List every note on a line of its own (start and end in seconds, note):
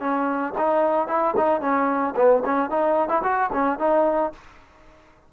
0.00 0.54 C#4
0.57 1.08 D#4
1.08 1.34 E4
1.37 1.61 D#4
1.61 2.14 C#4
2.16 2.43 B3
2.45 2.70 C#4
2.70 3.09 D#4
3.09 3.22 E4
3.23 3.50 F#4
3.53 3.79 C#4
3.79 4.32 D#4